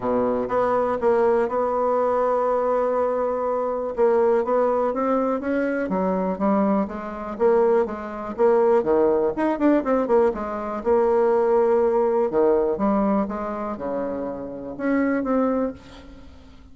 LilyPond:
\new Staff \with { instrumentName = "bassoon" } { \time 4/4 \tempo 4 = 122 b,4 b4 ais4 b4~ | b1 | ais4 b4 c'4 cis'4 | fis4 g4 gis4 ais4 |
gis4 ais4 dis4 dis'8 d'8 | c'8 ais8 gis4 ais2~ | ais4 dis4 g4 gis4 | cis2 cis'4 c'4 | }